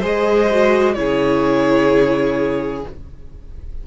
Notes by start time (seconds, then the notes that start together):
0.00 G#3 G#4 C5 D#5
0.51 F#4
0.94 C#3 E4 G#4 C#5